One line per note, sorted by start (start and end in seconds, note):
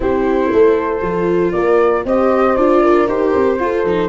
0.00 0.51 C4
0.00 1.00 E4
0.00 0.52 G4
0.00 1.51 C5
0.52 1.01 A3
0.52 1.55 A4
1.01 1.52 F3
1.01 2.04 F4
1.51 2.04 A#3
1.51 2.06 A#4
1.51 2.03 D5
2.05 2.56 C4
2.05 2.57 G4
2.05 2.81 C5
2.05 2.56 D#5
2.56 3.07 D4
2.56 3.07 F4
2.56 3.07 D5
2.81 3.58 A#4
3.07 3.33 D#4
3.07 3.59 G4
3.07 4.09 C5
3.34 3.59 C4
3.59 3.84 F4
3.59 3.85 F4
3.59 4.09 A4
3.84 4.09 F3
3.84 4.09 D#4